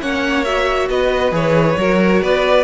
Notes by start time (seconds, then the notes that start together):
0.00 A#3 C#4 C#5 F#5
0.44 F#4 E5
0.89 B3 B4 D#5
1.31 E3 G#4 C#5
1.77 F#3 F#4 A#4
2.22 B3 B4 D5